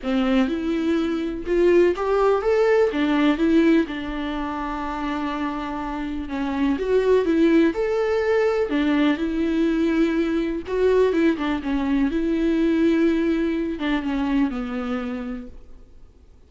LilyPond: \new Staff \with { instrumentName = "viola" } { \time 4/4 \tempo 4 = 124 c'4 e'2 f'4 | g'4 a'4 d'4 e'4 | d'1~ | d'4 cis'4 fis'4 e'4 |
a'2 d'4 e'4~ | e'2 fis'4 e'8 d'8 | cis'4 e'2.~ | e'8 d'8 cis'4 b2 | }